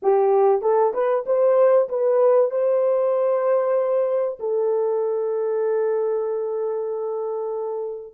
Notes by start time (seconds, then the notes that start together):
0.02 G4
0.61 A4
0.93 B4
1.26 C5
1.88 B4
2.50 C5
4.39 A4